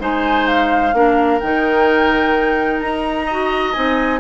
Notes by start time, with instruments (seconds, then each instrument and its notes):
0.00 bassoon G#3, clarinet D#4, oboe C5, flute G#5
0.47 flute F5
0.94 bassoon A#3, clarinet D4, oboe A#4
1.40 bassoon D#3, clarinet D#4, flute G5
2.81 bassoon D#4, flute A#5
3.26 clarinet F#4, oboe D#5
3.73 bassoon C4, clarinet D#4, flute G#5